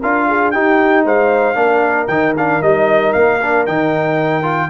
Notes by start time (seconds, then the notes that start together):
0.00 D4 F4 A#4 F5
0.28 G#4
0.51 D#4 G4 G5
1.05 G#3 C5 F5
1.55 A#3 D4 A#4
2.08 D#3 D#4 G5
2.37 D4 F5
2.62 G3 D#4 D#5
3.13 A#3 F5
3.42 D4
3.66 D#3 D#4 G5
4.43 F4